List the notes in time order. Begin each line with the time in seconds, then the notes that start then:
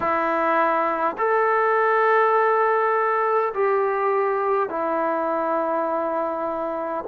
0.00 E4
1.18 A4
3.53 G4
4.69 E4